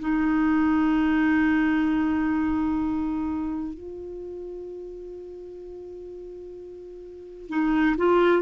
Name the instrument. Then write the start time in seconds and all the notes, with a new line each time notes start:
clarinet
0.00 D#4
3.74 F4
7.49 D#4
7.97 F4